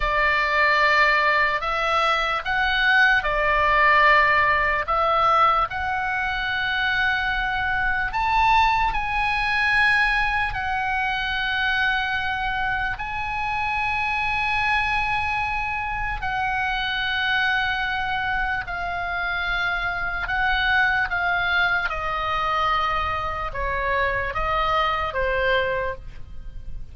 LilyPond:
\new Staff \with { instrumentName = "oboe" } { \time 4/4 \tempo 4 = 74 d''2 e''4 fis''4 | d''2 e''4 fis''4~ | fis''2 a''4 gis''4~ | gis''4 fis''2. |
gis''1 | fis''2. f''4~ | f''4 fis''4 f''4 dis''4~ | dis''4 cis''4 dis''4 c''4 | }